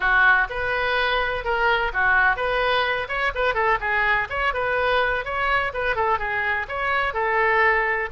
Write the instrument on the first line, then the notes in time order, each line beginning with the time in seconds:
oboe
0.00 F#4
0.49 B4
1.44 A#4
1.93 F#4
2.36 B4
3.08 C#5
3.34 B4
3.54 A4
3.80 G#4
4.29 C#5
4.53 B4
5.24 C#5
5.73 B4
5.95 A4
6.19 G#4
6.68 C#5
7.13 A4